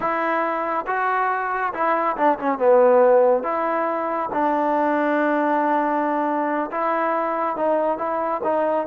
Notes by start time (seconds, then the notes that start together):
0.00 E4
0.86 F#4
1.73 E4
2.17 D4
2.38 C#4
2.58 B3
3.43 E4
4.33 D4
6.71 E4
7.56 D#4
7.98 E4
8.43 D#4